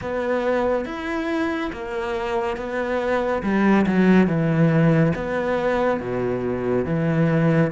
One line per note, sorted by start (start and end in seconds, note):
0.01 0.85 B3
0.85 1.71 E4
1.72 2.56 A#3
2.56 3.42 B3
3.42 3.85 G3
3.86 4.27 F#3
4.27 5.12 E3
5.15 6.00 B3
6.00 6.85 B2
6.85 7.71 E3